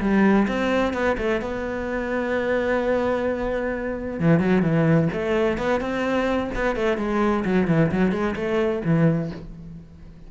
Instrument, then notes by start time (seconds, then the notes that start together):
cello
0.00 G3
0.48 C4
0.93 B3
1.18 A3
1.41 B3
4.19 E3
4.39 F#3
4.62 E3
5.12 A3
5.58 B3
5.80 C4
6.55 B3
6.76 A3
6.97 G#3
7.44 F#3
7.67 E3
7.91 F#3
8.11 G#3
8.35 A3
8.84 E3